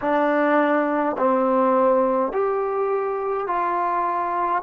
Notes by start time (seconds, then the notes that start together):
0.01 D4
1.17 C4
2.32 G4
3.47 F4